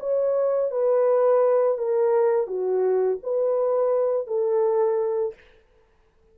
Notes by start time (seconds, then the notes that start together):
0.00 C#5
0.71 B4
1.78 A#4
2.47 F#4
3.23 B4
4.27 A4